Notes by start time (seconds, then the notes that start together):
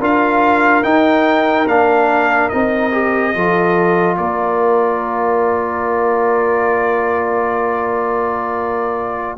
0.00 D4 F4 A#4 F5
0.84 D#4 G5
1.67 A#3 D4 F5
2.49 C4 D#4 D#5
2.92 G4
3.35 F3 F4 A4
4.18 A#3 A#4 D5